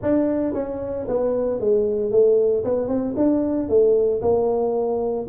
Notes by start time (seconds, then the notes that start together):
0.02 D4
0.53 C#4
1.07 B3
1.60 G#3
2.11 A3
2.64 B3
2.88 C4
3.16 D4
3.68 A3
4.21 A#3